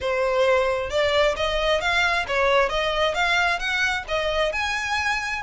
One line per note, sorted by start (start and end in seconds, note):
0.00 0.90 C5
0.90 1.35 D5
1.36 1.80 D#5
1.80 2.25 F5
2.27 2.69 C#5
2.69 3.14 D#5
3.14 3.59 F5
3.59 4.04 F#5
4.07 4.52 D#5
4.52 5.42 G#5